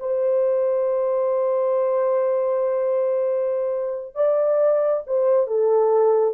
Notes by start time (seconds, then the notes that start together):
0.00 C5
4.15 D5
5.07 C5
5.47 A4